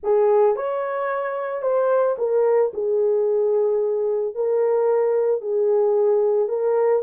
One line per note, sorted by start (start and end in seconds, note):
0.03 0.56 G#4
0.56 1.61 C#5
1.61 2.15 C5
2.18 2.72 A#4
2.73 4.34 G#4
4.34 5.41 A#4
5.41 6.48 G#4
6.48 7.02 A#4